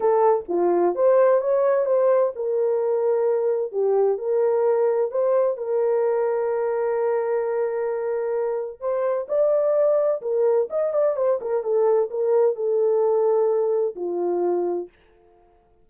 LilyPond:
\new Staff \with { instrumentName = "horn" } { \time 4/4 \tempo 4 = 129 a'4 f'4 c''4 cis''4 | c''4 ais'2. | g'4 ais'2 c''4 | ais'1~ |
ais'2. c''4 | d''2 ais'4 dis''8 d''8 | c''8 ais'8 a'4 ais'4 a'4~ | a'2 f'2 | }